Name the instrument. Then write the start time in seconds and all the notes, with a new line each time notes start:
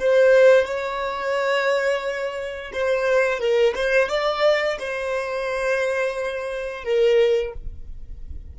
violin
0.00 C5
0.66 C#5
2.73 C5
3.40 A#4
3.76 C5
4.09 D5
4.80 C5
6.85 A#4